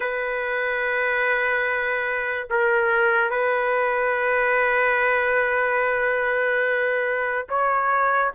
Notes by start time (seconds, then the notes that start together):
0.00 B4
2.50 A#4
3.30 B4
7.48 C#5